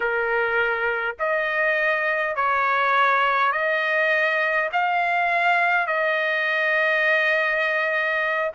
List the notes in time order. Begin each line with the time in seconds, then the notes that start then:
0.00 A#4
1.19 D#5
2.35 C#5
3.51 D#5
4.72 F5
5.86 D#5